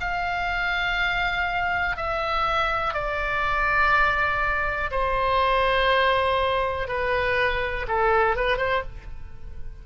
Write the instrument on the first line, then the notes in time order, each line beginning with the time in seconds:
oboe
0.00 F5
1.96 E5
2.94 D5
4.91 C5
6.88 B4
7.88 A4
8.36 B4
8.58 C5